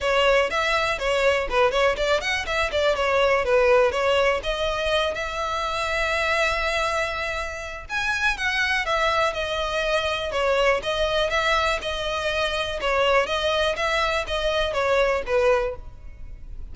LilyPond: \new Staff \with { instrumentName = "violin" } { \time 4/4 \tempo 4 = 122 cis''4 e''4 cis''4 b'8 cis''8 | d''8 fis''8 e''8 d''8 cis''4 b'4 | cis''4 dis''4. e''4.~ | e''1 |
gis''4 fis''4 e''4 dis''4~ | dis''4 cis''4 dis''4 e''4 | dis''2 cis''4 dis''4 | e''4 dis''4 cis''4 b'4 | }